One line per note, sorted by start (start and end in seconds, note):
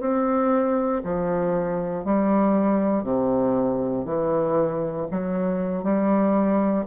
0.00 1.02 C4
1.04 2.04 F3
2.04 3.03 G3
3.03 4.04 C3
4.04 5.06 E3
5.11 5.83 F#3
5.83 6.85 G3